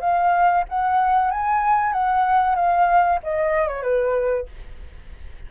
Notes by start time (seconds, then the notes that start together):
0.00 F5
0.68 F#5
1.31 G#5
1.93 F#5
2.55 F5
3.23 D#5
3.68 C#5
3.82 B4